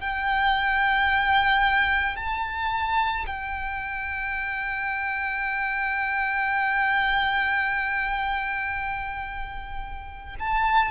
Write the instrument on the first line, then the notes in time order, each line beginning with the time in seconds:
violin
0.00 G5
2.16 A5
3.27 G5
10.40 A5